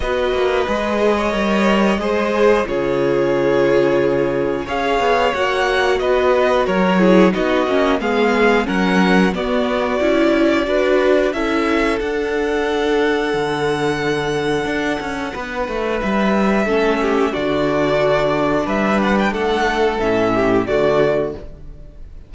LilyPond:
<<
  \new Staff \with { instrumentName = "violin" } { \time 4/4 \tempo 4 = 90 dis''1 | cis''2. f''4 | fis''4 dis''4 cis''4 dis''4 | f''4 fis''4 d''2~ |
d''4 e''4 fis''2~ | fis''1 | e''2 d''2 | e''8 fis''16 g''16 fis''4 e''4 d''4 | }
  \new Staff \with { instrumentName = "violin" } { \time 4/4 b'4.~ b'16 cis''4~ cis''16 c''4 | gis'2. cis''4~ | cis''4 b'4 ais'8 gis'8 fis'4 | gis'4 ais'4 fis'2 |
b'4 a'2.~ | a'2. b'4~ | b'4 a'8 g'8 fis'2 | b'4 a'4. g'8 fis'4 | }
  \new Staff \with { instrumentName = "viola" } { \time 4/4 fis'4 gis'4 ais'4 gis'4 | f'2. gis'4 | fis'2~ fis'8 e'8 dis'8 cis'8 | b4 cis'4 b4 e'4 |
fis'4 e'4 d'2~ | d'1~ | d'4 cis'4 d'2~ | d'2 cis'4 a4 | }
  \new Staff \with { instrumentName = "cello" } { \time 4/4 b8 ais8 gis4 g4 gis4 | cis2. cis'8 b8 | ais4 b4 fis4 b8 ais8 | gis4 fis4 b4 cis'4 |
d'4 cis'4 d'2 | d2 d'8 cis'8 b8 a8 | g4 a4 d2 | g4 a4 a,4 d4 | }
>>